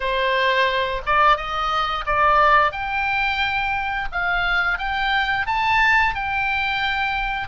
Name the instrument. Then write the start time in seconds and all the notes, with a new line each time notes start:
oboe
0.00 C5
1.06 D5
1.36 D#5
2.05 D5
2.72 G5
4.12 F5
4.78 G5
5.46 A5
6.14 G5